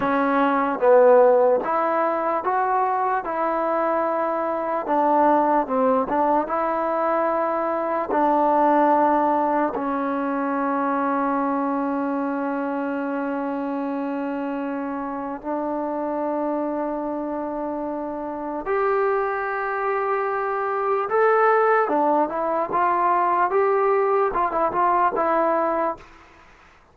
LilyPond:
\new Staff \with { instrumentName = "trombone" } { \time 4/4 \tempo 4 = 74 cis'4 b4 e'4 fis'4 | e'2 d'4 c'8 d'8 | e'2 d'2 | cis'1~ |
cis'2. d'4~ | d'2. g'4~ | g'2 a'4 d'8 e'8 | f'4 g'4 f'16 e'16 f'8 e'4 | }